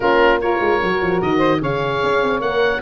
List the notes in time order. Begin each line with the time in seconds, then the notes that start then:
0.00 A#3 C#4 F4 A#4
0.41 F4 A#4 C#5
0.60 G#3
0.81 F#3 F#4
1.02 F3
1.21 D#3 D#5
1.37 C5
1.60 C#3 G#4 C#5 F5
2.03 C#4
2.22 C4
2.40 A#3 A#4 F#5